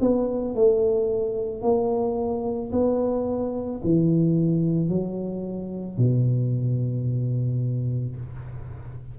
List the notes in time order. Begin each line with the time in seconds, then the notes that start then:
0.00 B3
0.55 A3
1.62 A#3
2.72 B3
3.83 E3
4.88 F#3
5.98 B2